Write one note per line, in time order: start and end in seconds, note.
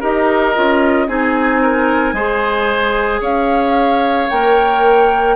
0.00 0.56 D#4
0.00 0.55 G4
0.00 1.07 A#4
0.00 1.07 D#5
0.55 1.08 C#4
0.55 1.07 F4
1.07 2.13 C4
1.07 2.15 D#4
1.07 1.61 G#4
1.07 3.22 G#5
1.62 2.15 A#4
2.13 3.20 G#3
2.13 4.29 G#4
2.13 3.21 C5
3.21 4.28 C#4
3.21 5.35 C#5
3.21 4.29 F5
4.29 5.35 A#3
4.29 5.35 A#4
4.29 5.35 G5